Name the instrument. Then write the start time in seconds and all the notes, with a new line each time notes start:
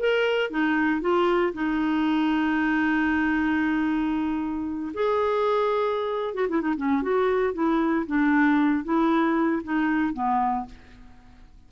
clarinet
0.00 A#4
0.51 D#4
1.02 F4
1.54 D#4
4.94 G#4
6.35 F#4
6.49 E4
6.62 D#4
6.77 C#4
7.03 F#4
7.54 E4
8.07 D4
8.85 E4
9.64 D#4
10.14 B3